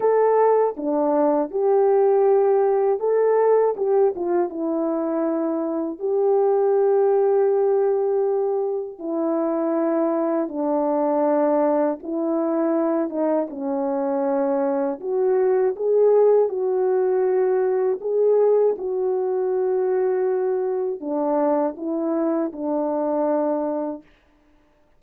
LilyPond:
\new Staff \with { instrumentName = "horn" } { \time 4/4 \tempo 4 = 80 a'4 d'4 g'2 | a'4 g'8 f'8 e'2 | g'1 | e'2 d'2 |
e'4. dis'8 cis'2 | fis'4 gis'4 fis'2 | gis'4 fis'2. | d'4 e'4 d'2 | }